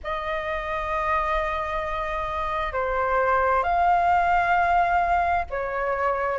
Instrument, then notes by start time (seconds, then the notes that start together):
flute
0.03 D#5
2.73 C5
3.63 F5
5.50 C#5